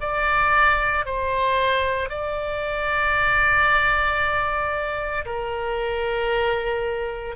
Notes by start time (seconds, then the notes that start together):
0.00 D5
1.05 C5
2.09 D5
5.25 A#4